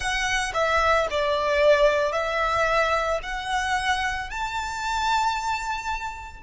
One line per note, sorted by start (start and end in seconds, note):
0.00 0.52 F#5
0.54 1.07 E5
1.10 2.12 D5
2.12 3.19 E5
3.22 4.30 F#5
4.30 6.42 A5